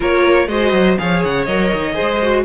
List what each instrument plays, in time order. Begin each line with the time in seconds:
0.00 cello A#3, viola F4, violin A#4 C#5
0.47 cello G#3, viola F#4, violin C5 D#5
0.73 cello F#3
0.98 cello F3, viola G#4, violin C#5 F5
1.24 cello C#3, violin F#5
1.45 cello F#3, viola A#4, violin D#5
1.72 cello D#3
1.92 viola G#4, violin C5
2.01 cello G#3
2.22 viola F#4